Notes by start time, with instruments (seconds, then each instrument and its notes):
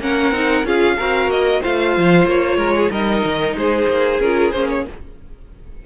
0.00 cello A#3, viola C#4, violin A#4 F#5
0.31 cello C4, viola D#4
0.63 cello C#4, viola F4, violin G#4 F5
0.97 cello C4, viola F#4, violin A#4
1.28 cello A#3, violin D#5
1.61 cello A3, viola F4, violin C5 F5
1.97 cello F3
2.26 cello A#3, violin C#5
2.57 cello G#3, violin A#4
2.76 violin G#4
2.91 cello G3, viola D#4, violin A#4 D#5
3.24 cello D#3
3.55 cello G#3, violin G#4 C5
3.88 cello A#3
4.20 cello C#4, viola F4, violin A#4
4.51 cello A#3, viola C#4, violin C5
4.69 violin C#5